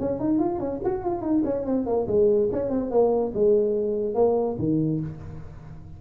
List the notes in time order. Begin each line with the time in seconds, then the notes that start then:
0.00 C#4
0.20 D#4
0.40 F4
0.60 C#4
0.85 F#4
1.04 F4
1.22 D#4
1.45 C#4
1.66 C4
1.87 A#3
2.08 G#3
2.52 C#4
2.70 C4
2.91 A#3
3.34 G#3
4.15 A#3
4.59 D#3